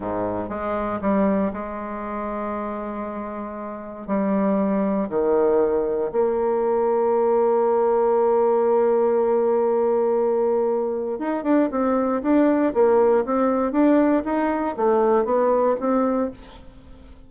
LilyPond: \new Staff \with { instrumentName = "bassoon" } { \time 4/4 \tempo 4 = 118 gis,4 gis4 g4 gis4~ | gis1 | g2 dis2 | ais1~ |
ais1~ | ais2 dis'8 d'8 c'4 | d'4 ais4 c'4 d'4 | dis'4 a4 b4 c'4 | }